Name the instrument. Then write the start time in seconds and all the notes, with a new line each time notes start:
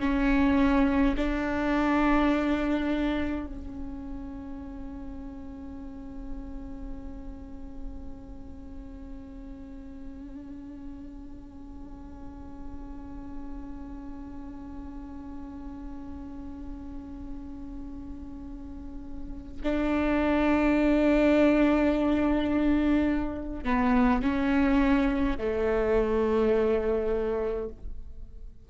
viola
0.00 C#4
1.17 D4
3.47 C#4
19.64 D4
23.65 B3
24.23 C#4
25.38 A3